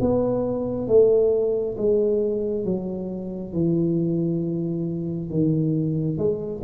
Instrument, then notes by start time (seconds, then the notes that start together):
tuba
0.00 B3
0.87 A3
1.77 G#3
2.65 F#3
3.53 E3
5.30 D#3
6.17 G#3